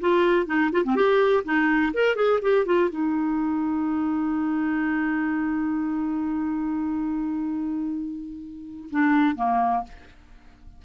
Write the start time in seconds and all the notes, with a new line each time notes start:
0.00 F4
0.46 D#4
0.72 F4
0.84 C4
0.95 G4
1.44 D#4
1.93 A#4
2.15 G#4
2.42 G4
2.65 F4
2.89 D#4
8.90 D4
9.35 A#3